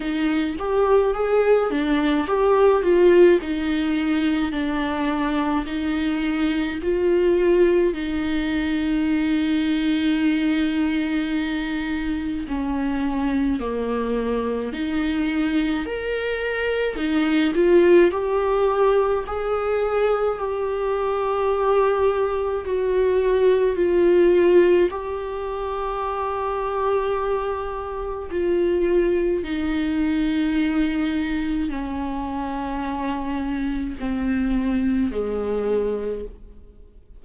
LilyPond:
\new Staff \with { instrumentName = "viola" } { \time 4/4 \tempo 4 = 53 dis'8 g'8 gis'8 d'8 g'8 f'8 dis'4 | d'4 dis'4 f'4 dis'4~ | dis'2. cis'4 | ais4 dis'4 ais'4 dis'8 f'8 |
g'4 gis'4 g'2 | fis'4 f'4 g'2~ | g'4 f'4 dis'2 | cis'2 c'4 gis4 | }